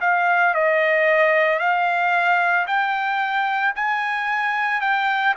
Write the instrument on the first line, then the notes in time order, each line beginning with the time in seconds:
trumpet
0.00 F5
0.54 D#5
1.59 F5
2.66 G5
3.75 G#5
4.81 G5